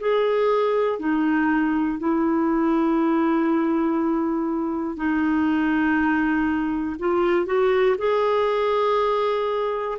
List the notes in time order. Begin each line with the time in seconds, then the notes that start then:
0.00 G#4
0.99 D#4
1.98 E4
4.96 D#4
6.99 F4
7.46 F#4
7.98 G#4